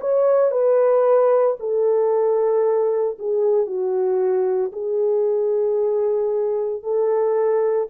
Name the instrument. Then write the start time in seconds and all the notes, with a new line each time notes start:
horn
0.00 C#5
0.51 B4
1.59 A4
3.19 G#4
3.66 F#4
4.72 G#4
6.83 A4